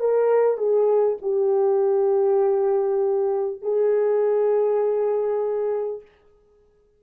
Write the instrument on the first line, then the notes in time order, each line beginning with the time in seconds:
horn
0.00 A#4
0.58 G#4
1.22 G4
3.62 G#4